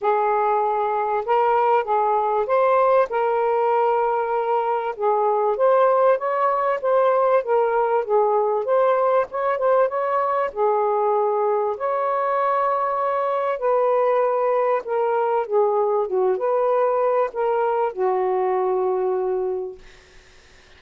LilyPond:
\new Staff \with { instrumentName = "saxophone" } { \time 4/4 \tempo 4 = 97 gis'2 ais'4 gis'4 | c''4 ais'2. | gis'4 c''4 cis''4 c''4 | ais'4 gis'4 c''4 cis''8 c''8 |
cis''4 gis'2 cis''4~ | cis''2 b'2 | ais'4 gis'4 fis'8 b'4. | ais'4 fis'2. | }